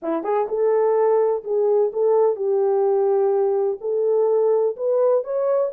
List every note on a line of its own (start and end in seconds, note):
0.02 0.23 E4
0.23 0.47 G#4
0.48 1.43 A4
1.44 1.91 G#4
1.93 2.35 A4
2.35 3.78 G4
3.80 4.76 A4
4.76 5.23 B4
5.23 5.71 C#5